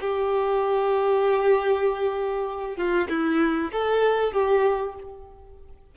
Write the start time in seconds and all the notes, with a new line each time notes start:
0.00 G4
2.76 F4
3.09 E4
3.72 A4
4.32 G4